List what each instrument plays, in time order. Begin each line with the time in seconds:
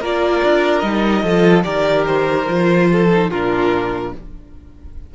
0.00 cello A#3, viola F4, violin A#4 D5
0.43 cello D4
0.79 cello G3, viola D#4, violin D#5
1.23 cello F3, viola F4, violin A4
1.63 cello D#3, viola G4, violin A#4 D5
2.07 violin C5
2.47 cello F3, viola F4
2.91 violin A4
3.11 viola D#4
3.29 cello A#2, viola D4, violin F4 A#4